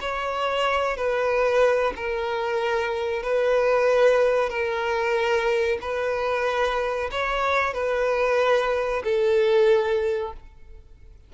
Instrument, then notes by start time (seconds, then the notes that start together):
violin
0.00 C#5
0.96 B4
1.96 A#4
3.22 B4
4.49 A#4
5.81 B4
7.11 C#5
7.73 B4
9.04 A4